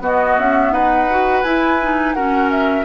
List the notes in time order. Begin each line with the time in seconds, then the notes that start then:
0.00 B3 F#4 D#5
0.38 C#4 E5
0.71 D#4 B4 F#5
1.10 F#4
1.42 E4 G#5
1.81 D#4
2.14 C#4 F#4 A#4 F#5
2.50 E5